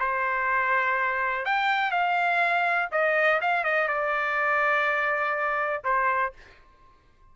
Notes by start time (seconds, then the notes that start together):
0.00 C5
1.46 G5
1.92 F5
2.92 D#5
3.42 F5
3.64 D#5
3.88 D5
5.84 C5